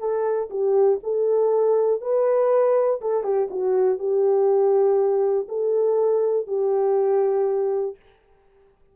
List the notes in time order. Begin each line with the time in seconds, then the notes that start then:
0.00 A4
0.50 G4
1.03 A4
2.02 B4
3.02 A4
3.24 G4
3.51 F#4
3.99 G4
5.49 A4
6.48 G4